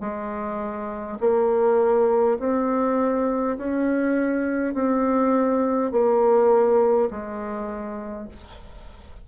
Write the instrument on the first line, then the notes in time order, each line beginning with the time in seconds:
bassoon
0.00 G#3
1.20 A#3
2.39 C4
3.57 C#4
4.74 C4
5.91 A#3
7.10 G#3